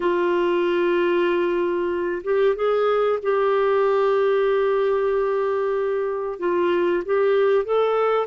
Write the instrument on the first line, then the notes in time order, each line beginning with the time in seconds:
clarinet
0.00 F4
2.23 G4
2.55 G#4
3.22 G4
6.39 F4
7.05 G4
7.64 A4